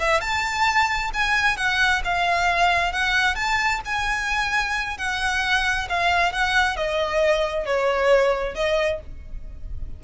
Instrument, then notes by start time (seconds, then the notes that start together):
violin
0.00 E5
0.21 A5
1.14 G#5
1.57 F#5
2.04 F5
2.92 F#5
3.36 A5
3.86 G#5
4.98 F#5
5.89 F5
6.33 F#5
6.77 D#5
7.66 C#5
8.55 D#5